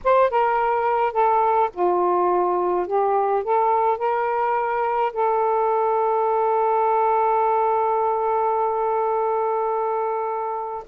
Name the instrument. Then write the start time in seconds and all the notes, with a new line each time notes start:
saxophone
0.04 C5
0.30 A#4
1.12 A4
1.73 F4
2.86 G4
3.43 A4
3.98 A#4
5.12 A4